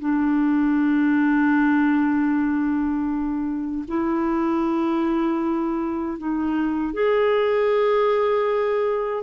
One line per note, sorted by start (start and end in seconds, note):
0.00 3.85 D4
3.88 6.18 E4
6.18 6.94 D#4
6.94 9.23 G#4